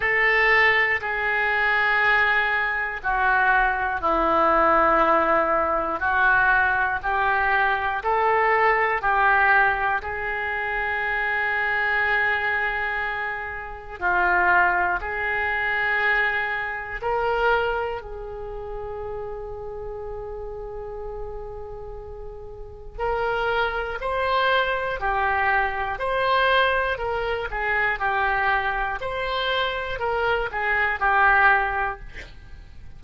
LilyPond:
\new Staff \with { instrumentName = "oboe" } { \time 4/4 \tempo 4 = 60 a'4 gis'2 fis'4 | e'2 fis'4 g'4 | a'4 g'4 gis'2~ | gis'2 f'4 gis'4~ |
gis'4 ais'4 gis'2~ | gis'2. ais'4 | c''4 g'4 c''4 ais'8 gis'8 | g'4 c''4 ais'8 gis'8 g'4 | }